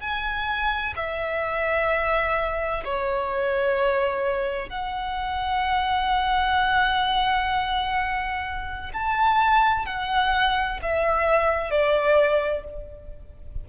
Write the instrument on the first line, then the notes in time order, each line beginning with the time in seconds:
violin
0.00 G#5
0.96 E5
2.85 C#5
4.70 F#5
8.94 A5
9.86 F#5
10.82 E5
11.71 D5